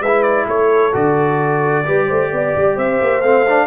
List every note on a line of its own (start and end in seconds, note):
0.00 0.46 G#3
0.00 0.47 B4
0.00 0.23 E5
0.07 0.93 E4
0.23 0.46 D5
0.47 0.93 A3
0.47 1.86 A4
0.47 0.95 C#5
0.93 1.86 D3
0.93 1.84 F#4
0.93 2.78 D5
1.85 2.11 G3
1.85 3.22 G4
1.85 2.07 B4
2.07 2.33 A3
2.07 2.30 C5
2.33 2.56 B3
2.33 2.76 D5
2.56 2.77 G3
2.76 3.00 C4
2.76 3.67 C5
2.76 3.22 E5
3.01 3.21 A#3
3.21 3.67 A3
3.21 3.46 C4
3.21 3.67 F5
3.47 3.67 D4